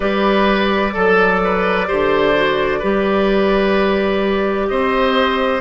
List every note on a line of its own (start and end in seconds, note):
0.00 0.94 G3
0.00 0.92 G4
0.00 0.93 B4
0.00 4.67 D5
0.93 1.89 F#3
0.93 1.40 A4
0.93 1.87 A4
1.44 1.87 B4
1.87 2.82 D3
1.87 2.34 G4
1.87 2.79 C5
2.35 2.81 F#4
2.79 4.70 G3
2.79 5.61 G4
2.79 4.66 B4
4.67 5.61 C4
4.67 5.61 C5
4.67 5.61 D#5